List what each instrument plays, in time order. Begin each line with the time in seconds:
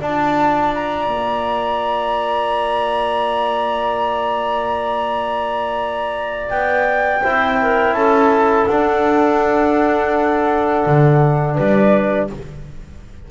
0.00 double bass D4, trombone F4, clarinet D5, flute A5
0.75 flute A#5
1.07 double bass A#3
6.50 double bass B3, flute G5
7.22 double bass C4, trombone E4, clarinet C5
7.61 clarinet A#4
7.93 double bass C#4, clarinet A4, flute A5
8.66 double bass D4, trombone D4, flute F#5
10.86 double bass D3
11.55 double bass G3, clarinet B4, flute D5